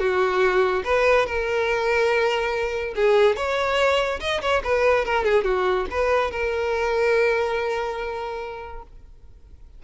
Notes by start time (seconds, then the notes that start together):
0.00 F#4
0.85 B4
1.27 A#4
2.96 G#4
3.36 C#5
4.21 D#5
4.42 C#5
4.64 B4
5.06 A#4
5.24 G#4
5.45 F#4
5.91 B4
6.31 A#4